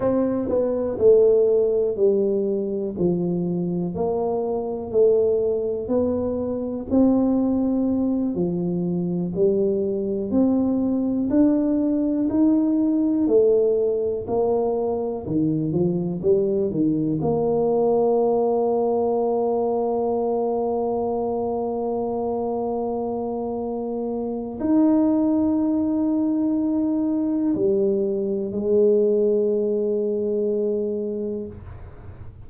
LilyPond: \new Staff \with { instrumentName = "tuba" } { \time 4/4 \tempo 4 = 61 c'8 b8 a4 g4 f4 | ais4 a4 b4 c'4~ | c'8 f4 g4 c'4 d'8~ | d'8 dis'4 a4 ais4 dis8 |
f8 g8 dis8 ais2~ ais8~ | ais1~ | ais4 dis'2. | g4 gis2. | }